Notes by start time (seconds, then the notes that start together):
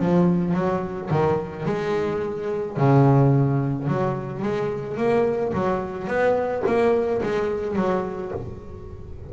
0.00 F3
0.55 F#3
1.11 D#3
1.66 G#3
2.77 C#3
3.88 F#3
4.43 G#3
4.97 A#3
5.54 F#3
6.08 B3
6.67 A#3
7.23 G#3
7.77 F#3